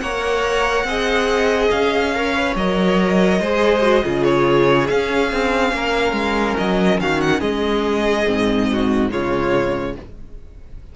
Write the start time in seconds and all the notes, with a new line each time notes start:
0.00 A#3 A#4 C#5 F#5
0.84 C4 G#4 D#5
1.71 C#4 F5
2.15 A#4 C#5
2.35 B4
2.56 F#3 A#4 D#5
3.40 G#3 G#4 C5
3.82 F#4
4.03 C#3 F4 G#4
4.24 C#5
4.88 C#4 F5
5.32 C4
5.73 A#3 A#4
6.13 G#3
6.58 F#3 D#5
6.99 D#3 F#4 F5
7.21 F#5
7.40 G#3 G#4 D#5
8.26 G#2 C4
8.73 F#4
9.10 C#3 G#3 F4 C#5